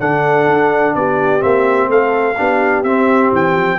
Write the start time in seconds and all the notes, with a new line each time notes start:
0.00 D3 D4 A4 F#5
0.47 D4
0.95 B3 G4 D5
1.39 A#3 C4 E5
1.89 A3 A4 F5
2.37 B3 D4 G4
2.83 C4 E5
3.32 E3 G5
3.56 F3